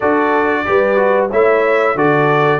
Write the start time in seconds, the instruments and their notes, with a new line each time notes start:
0.00 tuba D4, trombone F#4, horn A4, trumpet D5
0.65 tuba G3, trombone G4, horn B4
0.96 trombone F#4
1.30 tuba A3, trombone E4, horn C#5, trumpet E5
1.95 tuba D3, trombone F#4, horn A4, trumpet D5